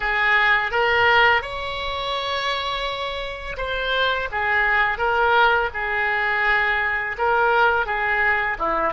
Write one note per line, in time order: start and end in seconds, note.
0.00 0.71 G#4
0.71 1.42 A#4
1.42 3.56 C#5
3.57 4.28 C5
4.31 4.98 G#4
4.98 5.69 A#4
5.73 7.16 G#4
7.18 7.85 A#4
7.85 8.57 G#4
8.58 8.93 E4